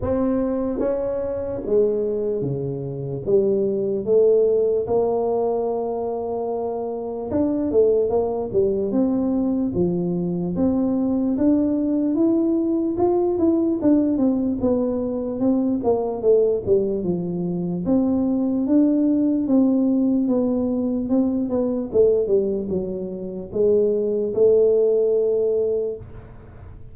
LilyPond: \new Staff \with { instrumentName = "tuba" } { \time 4/4 \tempo 4 = 74 c'4 cis'4 gis4 cis4 | g4 a4 ais2~ | ais4 d'8 a8 ais8 g8 c'4 | f4 c'4 d'4 e'4 |
f'8 e'8 d'8 c'8 b4 c'8 ais8 | a8 g8 f4 c'4 d'4 | c'4 b4 c'8 b8 a8 g8 | fis4 gis4 a2 | }